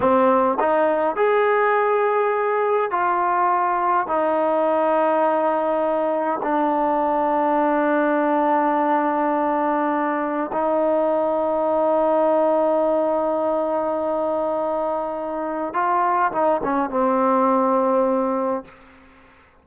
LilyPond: \new Staff \with { instrumentName = "trombone" } { \time 4/4 \tempo 4 = 103 c'4 dis'4 gis'2~ | gis'4 f'2 dis'4~ | dis'2. d'4~ | d'1~ |
d'2 dis'2~ | dis'1~ | dis'2. f'4 | dis'8 cis'8 c'2. | }